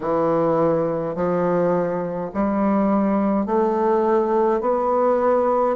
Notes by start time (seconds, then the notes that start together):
0.00 E3
1.15 F3
2.33 G3
3.46 A3
4.60 B3